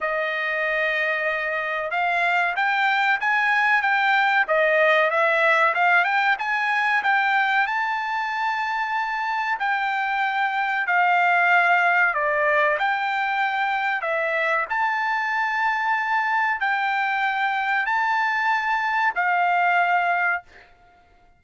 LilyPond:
\new Staff \with { instrumentName = "trumpet" } { \time 4/4 \tempo 4 = 94 dis''2. f''4 | g''4 gis''4 g''4 dis''4 | e''4 f''8 g''8 gis''4 g''4 | a''2. g''4~ |
g''4 f''2 d''4 | g''2 e''4 a''4~ | a''2 g''2 | a''2 f''2 | }